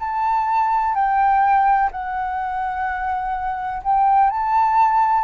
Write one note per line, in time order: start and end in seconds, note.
0.00 0.95 A5
0.95 1.90 G5
1.92 3.83 F#5
3.84 4.30 G5
4.30 5.25 A5